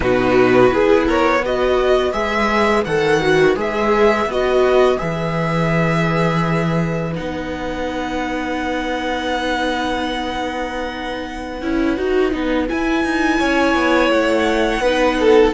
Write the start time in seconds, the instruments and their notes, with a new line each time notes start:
0.00 cello B2, viola D#4, violin F#4 B4
0.69 cello B3, viola E4, violin G#4
1.06 violin A#4 C#5
1.42 viola F#4, violin B4 D#5
2.12 cello G#3, viola G#4, violin E5
2.84 cello D#3, viola A4, violin F#5
3.20 viola F#4
3.55 cello G#3, viola G#4, violin E5
4.25 cello B3, viola F#4, violin D#5
4.97 cello E3, viola G#4, violin E5
7.14 cello B3, viola D#4, violin F#5
11.61 cello C#4, viola E4
11.97 cello D#4, viola F#4
12.31 cello B3, viola D#4
12.68 viola E4, cello E4, violin G#5
13.04 cello D#4
13.38 cello C#4, violin C#5
13.74 cello B3
14.09 cello A3, violin F#5
14.80 cello B3, viola D#4, violin B4
15.19 violin A4